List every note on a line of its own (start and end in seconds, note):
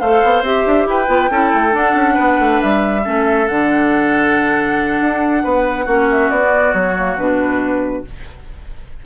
0.00 0.23 A3
0.00 0.44 A4
0.00 0.87 C5
0.00 0.43 F5
0.24 0.42 B3
0.42 0.64 C4
0.42 1.07 G4
0.42 0.88 E5
0.66 0.86 D4
0.86 1.08 E4
0.86 1.31 B4
0.86 1.76 G5
1.07 1.30 B3
1.07 1.29 F4
1.30 1.52 C#4
1.30 1.71 E4
1.30 2.14 A4
1.54 1.74 A3
1.71 3.02 D4
1.71 1.95 D4
1.71 2.62 F#5
1.95 2.16 C#4
2.14 2.39 B3
2.14 3.01 B4
2.39 2.61 A3
2.62 3.07 G3
2.62 3.48 E5
3.04 3.49 A3
3.04 3.47 C#4
3.04 5.43 A4
3.48 5.01 D3
3.48 5.87 D4
3.48 6.09 F#5
5.01 5.44 D4
5.44 5.87 B3
5.44 5.85 B4
5.85 6.30 A#3
5.85 6.41 C#4
5.85 8.03 F#4
6.11 6.30 E5
6.30 6.73 B3
6.30 6.73 D5
6.41 6.95 B3
6.73 7.17 F#3
6.73 7.17 C#5
6.96 7.18 A#3
7.18 8.05 B2
7.18 8.06 D4
7.18 8.05 B4